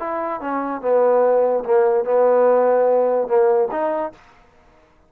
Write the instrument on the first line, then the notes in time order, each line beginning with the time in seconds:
trombone
0.00 E4
0.41 C#4
0.82 B3
1.65 A#3
2.05 B3
3.28 A#3
3.72 D#4